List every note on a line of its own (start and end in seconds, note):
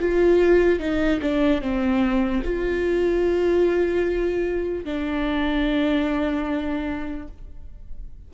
0.00 0.79 F4
0.79 1.20 D#4
1.21 1.62 D4
1.62 2.43 C4
2.44 4.85 F4
4.85 7.28 D4